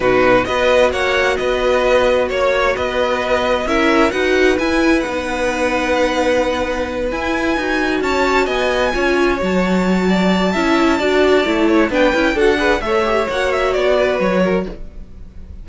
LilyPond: <<
  \new Staff \with { instrumentName = "violin" } { \time 4/4 \tempo 4 = 131 b'4 dis''4 fis''4 dis''4~ | dis''4 cis''4 dis''2 | e''4 fis''4 gis''4 fis''4~ | fis''2.~ fis''8 gis''8~ |
gis''4. a''4 gis''4.~ | gis''8 a''2.~ a''8~ | a''2 g''4 fis''4 | e''4 fis''8 e''8 d''4 cis''4 | }
  \new Staff \with { instrumentName = "violin" } { \time 4/4 fis'4 b'4 cis''4 b'4~ | b'4 cis''4 b'2 | ais'4 b'2.~ | b'1~ |
b'4. cis''4 dis''4 cis''8~ | cis''2 d''4 e''4 | d''4. cis''8 b'4 a'8 b'8 | cis''2~ cis''8 b'4 ais'8 | }
  \new Staff \with { instrumentName = "viola" } { \time 4/4 dis'4 fis'2.~ | fis'1 | e'4 fis'4 e'4 dis'4~ | dis'2.~ dis'8 e'8~ |
e'8 fis'2. f'8~ | f'8 fis'2~ fis'8 e'4 | fis'4 e'4 d'8 e'8 fis'8 gis'8 | a'8 g'8 fis'2. | }
  \new Staff \with { instrumentName = "cello" } { \time 4/4 b,4 b4 ais4 b4~ | b4 ais4 b2 | cis'4 dis'4 e'4 b4~ | b2.~ b8 e'8~ |
e'8 dis'4 cis'4 b4 cis'8~ | cis'8 fis2~ fis8 cis'4 | d'4 a4 b8 cis'8 d'4 | a4 ais4 b4 fis4 | }
>>